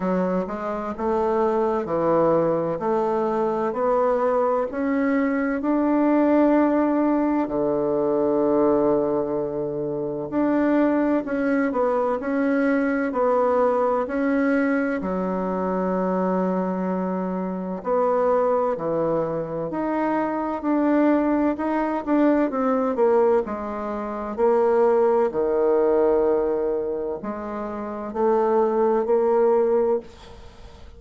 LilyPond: \new Staff \with { instrumentName = "bassoon" } { \time 4/4 \tempo 4 = 64 fis8 gis8 a4 e4 a4 | b4 cis'4 d'2 | d2. d'4 | cis'8 b8 cis'4 b4 cis'4 |
fis2. b4 | e4 dis'4 d'4 dis'8 d'8 | c'8 ais8 gis4 ais4 dis4~ | dis4 gis4 a4 ais4 | }